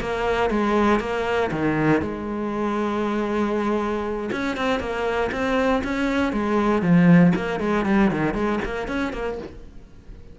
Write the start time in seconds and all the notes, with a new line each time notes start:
0.00 A#3
0.50 G#3
0.99 A#3
1.51 D#3
2.01 G#3
4.32 C#4
4.56 C4
4.79 A#3
5.32 C4
5.83 C#4
6.32 G#3
6.82 F3
7.35 A#3
7.59 G#3
7.85 G3
8.11 D#3
8.34 G#3
8.64 A#3
8.88 C#4
9.12 A#3